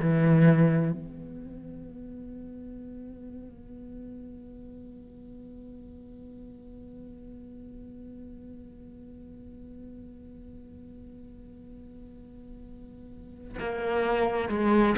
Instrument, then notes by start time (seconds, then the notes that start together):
cello
0.00 E3
0.92 B3
13.60 A#3
14.49 G#3